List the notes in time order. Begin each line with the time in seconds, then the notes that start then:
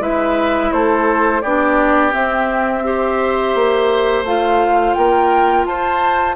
0.00 G#3 E4 B4 E5
0.72 A3 A4 C5
1.42 B3 D4 G4 D5
2.12 C4 E5
2.83 G4 C5
3.55 A#3
4.23 A3 F4 F5
4.94 A#3 A#4 G5
5.64 F4 C5 A5